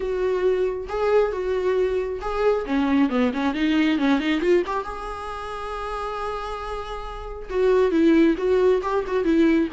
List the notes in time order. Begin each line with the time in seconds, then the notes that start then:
0.00 F#4
0.88 G#4
1.31 F#4
2.21 G#4
2.65 C#4
3.09 B3
3.33 C#4
3.54 D#4
3.98 C#4
4.19 D#4
4.40 F4
4.66 G4
4.84 G#4
7.49 F#4
7.91 E4
8.37 F#4
8.82 G4
9.07 F#4
9.24 E4